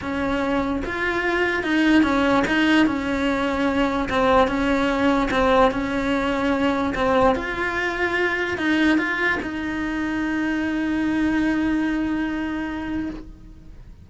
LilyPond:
\new Staff \with { instrumentName = "cello" } { \time 4/4 \tempo 4 = 147 cis'2 f'2 | dis'4 cis'4 dis'4 cis'4~ | cis'2 c'4 cis'4~ | cis'4 c'4 cis'2~ |
cis'4 c'4 f'2~ | f'4 dis'4 f'4 dis'4~ | dis'1~ | dis'1 | }